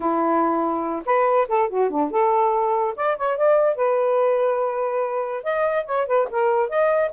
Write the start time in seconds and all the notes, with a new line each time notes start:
0.00 E4
1.05 B4
1.48 A4
1.69 F#4
1.90 D4
2.11 A4
2.96 D5
3.17 C#5
3.37 D5
3.75 B4
5.43 D#5
5.85 C#5
6.06 B4
6.30 A#4
6.69 D#5